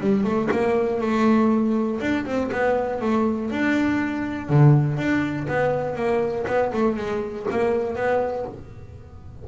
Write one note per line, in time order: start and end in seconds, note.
0.00 0.23 G3
0.23 0.48 A3
0.51 1.00 A#3
1.00 1.99 A3
2.00 2.25 D4
2.25 2.50 C4
2.52 3.01 B3
3.01 3.50 A3
3.50 4.49 D4
4.49 4.97 D3
4.97 5.46 D4
5.48 5.95 B3
5.95 6.45 A#3
6.47 6.71 B3
6.73 6.96 A3
6.96 7.46 G#3
7.50 7.95 A#3
7.95 8.45 B3